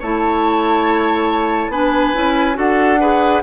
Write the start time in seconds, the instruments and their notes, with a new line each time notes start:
0.00 bassoon A3, clarinet E4, oboe C#5, flute A5
1.69 bassoon B3, clarinet D4, oboe B4, flute G#5
2.14 bassoon C#4, clarinet E4
2.54 bassoon D4, clarinet F#4, oboe A4, flute F#5
3.00 clarinet G#4, oboe B4